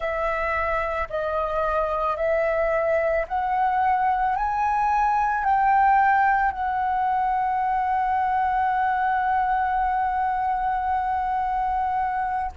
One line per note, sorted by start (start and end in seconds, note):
0.00 1.08 E5
1.09 2.16 D#5
2.16 3.25 E5
3.27 4.36 F#5
4.36 5.44 G#5
5.44 6.51 G5
6.51 12.51 F#5